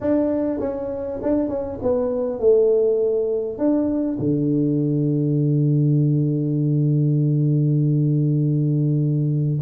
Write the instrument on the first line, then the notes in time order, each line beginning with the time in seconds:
tuba
0.01 D4
0.59 C#4
1.22 D4
1.48 C#4
1.82 B3
2.39 A3
3.58 D4
4.19 D3